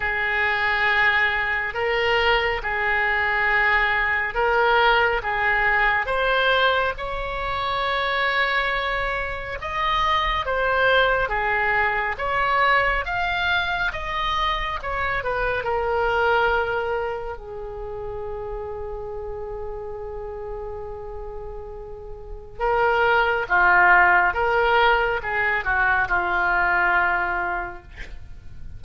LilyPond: \new Staff \with { instrumentName = "oboe" } { \time 4/4 \tempo 4 = 69 gis'2 ais'4 gis'4~ | gis'4 ais'4 gis'4 c''4 | cis''2. dis''4 | c''4 gis'4 cis''4 f''4 |
dis''4 cis''8 b'8 ais'2 | gis'1~ | gis'2 ais'4 f'4 | ais'4 gis'8 fis'8 f'2 | }